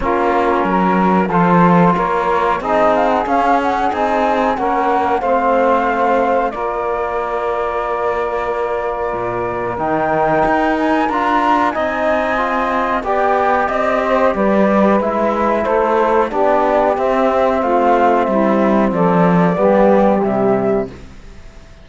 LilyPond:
<<
  \new Staff \with { instrumentName = "flute" } { \time 4/4 \tempo 4 = 92 ais'2 c''4 cis''4 | dis''8 f''16 fis''16 f''8 fis''8 gis''4 fis''4 | f''2 d''2~ | d''2. g''4~ |
g''8 gis''8 ais''4 gis''2 | g''4 dis''4 d''4 e''4 | c''4 d''4 e''4 f''4 | e''4 d''2 e''4 | }
  \new Staff \with { instrumentName = "saxophone" } { \time 4/4 f'4 ais'4 a'4 ais'4 | gis'2. ais'4 | c''2 ais'2~ | ais'1~ |
ais'2 dis''2 | d''4. c''8 b'2 | a'4 g'2 f'4 | e'4 a'4 g'2 | }
  \new Staff \with { instrumentName = "trombone" } { \time 4/4 cis'2 f'2 | dis'4 cis'4 dis'4 cis'4 | c'2 f'2~ | f'2. dis'4~ |
dis'4 f'4 dis'4 f'4 | g'2. e'4~ | e'4 d'4 c'2~ | c'2 b4 g4 | }
  \new Staff \with { instrumentName = "cello" } { \time 4/4 ais4 fis4 f4 ais4 | c'4 cis'4 c'4 ais4 | a2 ais2~ | ais2 ais,4 dis4 |
dis'4 d'4 c'2 | b4 c'4 g4 gis4 | a4 b4 c'4 a4 | g4 f4 g4 c4 | }
>>